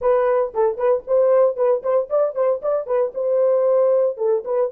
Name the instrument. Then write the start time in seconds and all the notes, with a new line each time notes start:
horn
0.01 B4
0.54 A4
0.77 B4
1.07 C5
1.56 B4
1.82 C5
2.09 D5
2.35 C5
2.62 D5
2.86 B4
3.14 C5
4.17 A4
4.45 B4